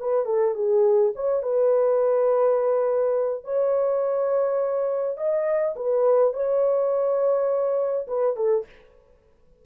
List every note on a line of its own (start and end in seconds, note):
0.00 0.26 B4
0.26 0.55 A4
0.55 1.12 G#4
1.16 1.43 C#5
1.43 3.45 B4
3.45 5.18 C#5
5.18 5.75 D#5
5.76 6.34 B4
6.34 8.07 C#5
8.08 8.37 B4
8.37 8.65 A4